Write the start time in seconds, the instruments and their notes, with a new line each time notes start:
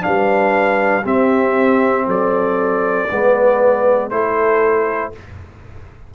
0.00 trombone D4, horn B4, trumpet F5
0.07 tuba G3
1.03 tuba C4, trombone C4, horn G4, trumpet E5
2.06 tuba F#3, horn A4, trumpet D5
3.10 tuba G#3, trombone B3, horn B4
4.10 tuba A3, trombone E4, horn A4, trumpet C5